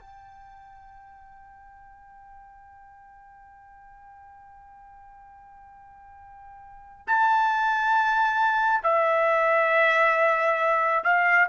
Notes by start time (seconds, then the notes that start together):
0.00 G5
7.07 A5
8.84 E5
11.05 F5